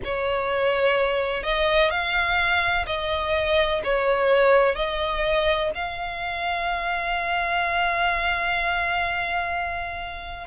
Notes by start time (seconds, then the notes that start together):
0.04 C#5
1.43 D#5
1.90 F5
2.86 D#5
3.84 C#5
4.75 D#5
5.74 F5